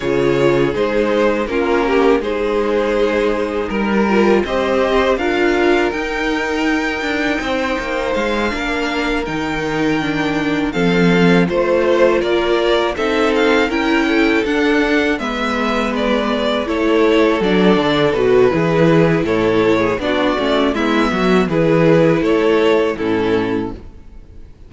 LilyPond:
<<
  \new Staff \with { instrumentName = "violin" } { \time 4/4 \tempo 4 = 81 cis''4 c''4 ais'4 c''4~ | c''4 ais'4 dis''4 f''4 | g''2. f''4~ | f''8 g''2 f''4 c''8~ |
c''8 d''4 e''8 f''8 g''4 fis''8~ | fis''8 e''4 d''4 cis''4 d''8~ | d''8 b'4. cis''4 d''4 | e''4 b'4 cis''4 a'4 | }
  \new Staff \with { instrumentName = "violin" } { \time 4/4 gis'2 f'8 g'8 gis'4~ | gis'4 ais'4 c''4 ais'4~ | ais'2 c''4. ais'8~ | ais'2~ ais'8 a'4 c''8~ |
c''8 ais'4 a'4 ais'8 a'4~ | a'8 b'2 a'4.~ | a'4 gis'4 a'8. gis'16 fis'4 | e'8 fis'8 gis'4 a'4 e'4 | }
  \new Staff \with { instrumentName = "viola" } { \time 4/4 f'4 dis'4 cis'4 dis'4~ | dis'4. f'8 g'4 f'4 | dis'2.~ dis'8 d'8~ | d'8 dis'4 d'4 c'4 f'8~ |
f'4. dis'4 e'4 d'8~ | d'8 b2 e'4 d'8~ | d'8 fis'8 e'2 d'8 cis'8 | b4 e'2 cis'4 | }
  \new Staff \with { instrumentName = "cello" } { \time 4/4 cis4 gis4 ais4 gis4~ | gis4 g4 c'4 d'4 | dis'4. d'8 c'8 ais8 gis8 ais8~ | ais8 dis2 f4 a8~ |
a8 ais4 c'4 cis'4 d'8~ | d'8 gis2 a4 fis8 | d8 b,8 e4 a,4 b8 a8 | gis8 fis8 e4 a4 a,4 | }
>>